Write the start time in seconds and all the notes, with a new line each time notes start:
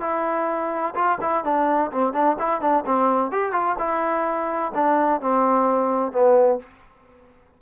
0.00 E4
0.95 F4
1.21 E4
1.44 D4
1.92 C4
2.13 D4
2.39 E4
2.61 D4
2.86 C4
3.31 G4
3.52 F4
3.78 E4
4.74 D4
5.21 C4
6.12 B3